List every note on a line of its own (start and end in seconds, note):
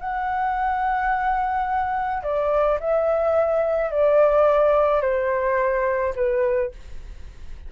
0.00 2.23 F#5
2.23 2.79 D5
2.80 3.91 E5
3.91 5.02 D5
5.02 6.14 C5
6.15 6.71 B4